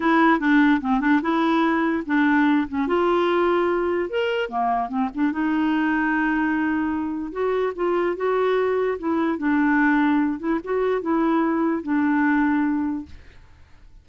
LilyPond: \new Staff \with { instrumentName = "clarinet" } { \time 4/4 \tempo 4 = 147 e'4 d'4 c'8 d'8 e'4~ | e'4 d'4. cis'8 f'4~ | f'2 ais'4 ais4 | c'8 d'8 dis'2.~ |
dis'2 fis'4 f'4 | fis'2 e'4 d'4~ | d'4. e'8 fis'4 e'4~ | e'4 d'2. | }